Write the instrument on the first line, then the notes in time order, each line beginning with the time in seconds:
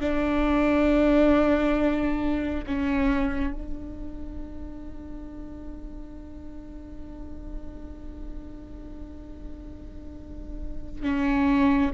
viola
0.00 D4
2.66 C#4
3.53 D4
11.03 C#4